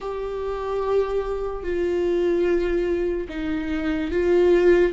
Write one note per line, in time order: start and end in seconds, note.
0.00 1.63 G4
1.63 3.27 F4
3.28 4.11 D#4
4.11 4.92 F4